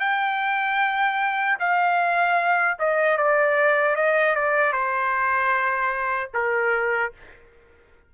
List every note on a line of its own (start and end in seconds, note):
0.00 1.58 G5
1.60 2.78 F5
2.79 3.18 D#5
3.18 3.96 D5
3.96 4.36 D#5
4.36 4.73 D5
4.73 6.31 C5
6.34 7.13 A#4